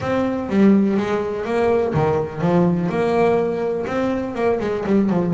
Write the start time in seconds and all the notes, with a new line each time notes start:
0.00 C4
0.49 G3
0.97 G#3
1.45 A#3
1.94 D#3
2.41 F3
2.89 A#3
3.87 C4
4.35 A#3
4.60 G#3
4.85 G3
5.09 F3